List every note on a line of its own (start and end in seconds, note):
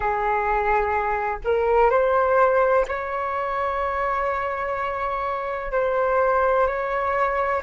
0.00 1.38 G#4
1.44 1.90 A#4
1.90 2.85 C5
2.87 5.71 C#5
5.71 6.67 C5
6.67 7.62 C#5